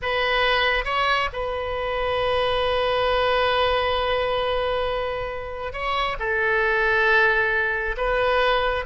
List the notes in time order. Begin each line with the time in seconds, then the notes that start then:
0.02 B4
0.85 C#5
1.32 B4
5.72 C#5
6.19 A4
7.97 B4